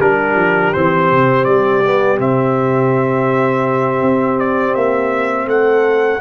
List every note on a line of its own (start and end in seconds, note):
0.00 0.36 G3
0.00 0.75 D4
0.00 5.49 G4
0.00 0.74 A#4
0.36 0.72 F3
0.74 1.12 E3
0.74 1.84 C4
0.74 1.45 C5
1.12 1.47 C3
1.45 2.19 G3
1.45 2.18 D5
1.85 2.18 B3
2.18 4.02 C3
2.18 6.21 C4
2.18 4.40 E5
4.02 4.75 C4
4.40 4.75 D5
4.75 5.46 A#3
4.75 5.48 E5
5.46 6.19 A3
5.46 6.21 A4
5.46 6.21 F#5